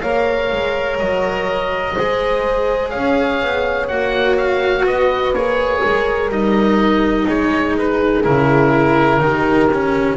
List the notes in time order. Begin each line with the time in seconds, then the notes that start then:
0.00 A#3 A#4 C#5 F5
0.52 G#3
0.99 F#3 D#5
1.94 G#3 G#4 C5
2.90 C#4 C#5 F5
3.42 B3
3.88 A#3 F#4 F#5
4.37 F5
4.85 B3 B4 D#5
5.33 A#3 G#4 C#5
5.81 G#3 A#4
6.29 G3 D#4 D#5
7.27 G#3 G#4 C#5
7.78 B4
8.24 C#3 E4 A#4
9.20 D#3 D#4 G4
9.73 C#4